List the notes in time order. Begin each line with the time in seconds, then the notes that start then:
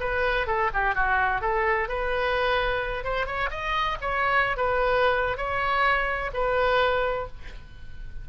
0.00 B4
0.47 A4
0.74 G4
0.95 F#4
1.41 A4
1.88 B4
3.04 C5
3.26 C#5
3.50 D#5
4.01 C#5
4.57 B4
5.37 C#5
6.34 B4